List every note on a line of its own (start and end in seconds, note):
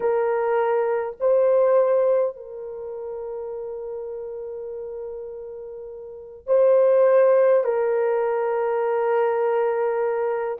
0.00 1.16 A#4
1.20 2.36 C5
2.36 6.46 A#4
6.46 7.63 C5
7.63 10.57 A#4